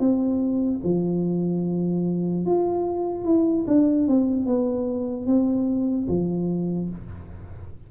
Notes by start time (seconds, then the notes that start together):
0.00 C4
0.84 F3
2.46 F4
3.25 E4
3.67 D4
4.08 C4
4.46 B3
5.27 C4
6.08 F3